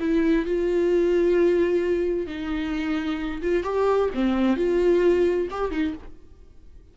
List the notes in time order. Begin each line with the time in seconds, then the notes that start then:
0.00 E4
0.45 F4
2.27 D#4
3.42 F4
3.64 G4
4.14 C4
4.57 F4
5.51 G4
5.71 D#4